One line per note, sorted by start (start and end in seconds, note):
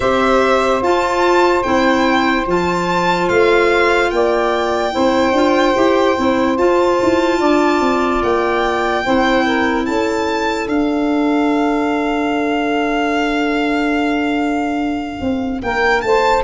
0.00 0.82 C4
0.00 0.82 G4
0.00 4.11 C5
0.00 0.82 E5
0.82 1.64 F4
0.82 1.62 A5
1.62 2.46 C4
1.62 2.46 E4
1.62 2.45 G5
2.46 3.28 F3
2.46 4.91 F4
2.46 3.29 A5
3.29 4.11 A3
3.29 4.10 F5
4.10 4.93 A#3
4.10 4.93 D5
4.10 6.57 G5
4.91 5.32 C4
4.91 5.33 E4
4.91 7.39 C5
5.32 5.73 D4
5.32 5.74 F4
5.74 6.17 E4
5.74 6.16 G4
6.16 6.57 C4
6.16 6.57 E4
6.57 6.98 F4
6.57 9.04 F4
6.57 8.22 A5
7.02 7.40 E4
7.39 7.80 D4
7.39 9.03 D5
7.80 8.21 C4
8.22 9.04 A#3
8.22 9.85 G5
9.04 9.88 C4
9.04 10.69 E4
9.04 9.45 C5
9.45 9.85 A#4
9.85 10.67 C#4
9.85 15.60 A4
9.85 10.67 A5
10.67 15.19 D4
10.67 16.43 D4
10.67 15.61 F5
15.20 15.61 C4
15.61 16.03 A#3
15.61 16.05 A#4
15.61 16.01 G5
16.01 16.43 A3
16.01 16.43 C5
16.01 16.42 A5